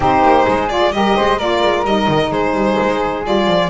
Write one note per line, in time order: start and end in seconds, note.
0.00 0.22 C4
0.00 0.68 D#4
0.00 0.44 G4
0.00 0.69 C5
0.22 0.45 A#3
0.44 0.92 G#3
0.44 0.90 G#4
0.68 0.92 F4
0.68 0.92 D5
0.92 1.15 G3
0.92 1.38 G4
0.92 1.16 A#4
0.92 1.38 D#5
1.16 1.39 G#3
1.16 1.38 C5
1.38 1.62 A#3
1.38 1.85 F4
1.38 2.30 A#4
1.38 1.84 D5
1.63 1.83 G#3
1.83 2.06 G3
1.83 3.23 D#4
1.83 2.31 D#5
2.07 2.30 D#3
2.30 2.53 G#3
2.30 3.69 G#4
2.30 3.24 C5
2.53 2.76 G3
2.80 3.25 G#3
3.23 3.47 G3
3.23 3.69 F4
3.23 3.69 D5
3.47 3.69 F3